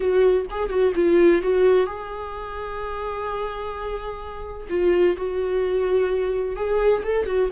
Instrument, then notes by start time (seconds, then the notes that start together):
viola
0.00 F#4
0.50 G#4
0.69 F#4
0.95 F4
1.42 F#4
1.86 G#4
4.69 F4
5.16 F#4
6.55 G#4
7.03 A4
7.25 F#4